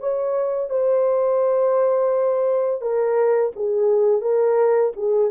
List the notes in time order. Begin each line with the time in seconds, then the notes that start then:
0.00 C#5
0.70 C5
2.81 A#4
3.56 G#4
4.22 A#4
4.96 G#4